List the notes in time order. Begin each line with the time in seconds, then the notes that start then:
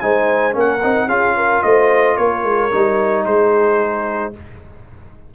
0.00 G#3 D#4 C5 G#5
0.52 A#3 C#4 A#4
0.60 F#5
0.83 C4 D#4
1.08 C#4 F4 G#4 F5
1.37 A#4
1.63 A3 C5 D#5
2.17 A#3 A#4 C#5
2.44 G#3
2.72 G3 D#4
3.25 G#3 G#4 C5